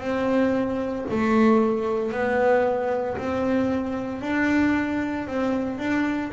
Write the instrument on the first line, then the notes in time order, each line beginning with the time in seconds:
double bass
0.00 C4
1.11 A3
2.12 B3
3.18 C4
4.22 D4
5.27 C4
5.79 D4